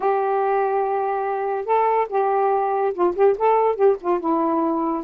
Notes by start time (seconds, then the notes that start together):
0.00 G4
1.65 A4
2.09 G4
2.94 F4
3.15 G4
3.38 A4
3.75 G4
4.00 F4
4.20 E4